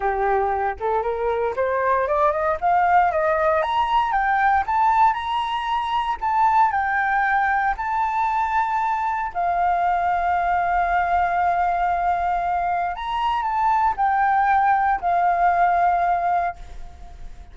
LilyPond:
\new Staff \with { instrumentName = "flute" } { \time 4/4 \tempo 4 = 116 g'4. a'8 ais'4 c''4 | d''8 dis''8 f''4 dis''4 ais''4 | g''4 a''4 ais''2 | a''4 g''2 a''4~ |
a''2 f''2~ | f''1~ | f''4 ais''4 a''4 g''4~ | g''4 f''2. | }